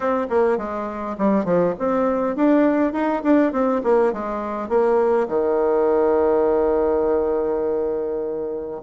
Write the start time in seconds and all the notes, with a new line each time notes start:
0.00 C4
0.29 A#3
0.57 G#3
1.18 G3
1.44 F3
1.78 C4
2.36 D4
2.93 D#4
3.23 D4
3.52 C4
3.83 A#3
4.12 G#3
4.68 A#3
5.28 D#3